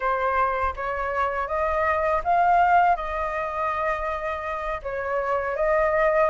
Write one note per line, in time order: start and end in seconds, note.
0.00 0.74 C5
0.76 1.47 C#5
1.47 2.21 D#5
2.24 2.96 F5
2.96 4.81 D#5
4.82 5.56 C#5
5.56 6.30 D#5